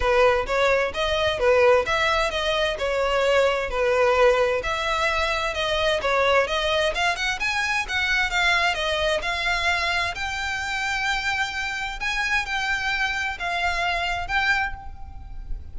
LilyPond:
\new Staff \with { instrumentName = "violin" } { \time 4/4 \tempo 4 = 130 b'4 cis''4 dis''4 b'4 | e''4 dis''4 cis''2 | b'2 e''2 | dis''4 cis''4 dis''4 f''8 fis''8 |
gis''4 fis''4 f''4 dis''4 | f''2 g''2~ | g''2 gis''4 g''4~ | g''4 f''2 g''4 | }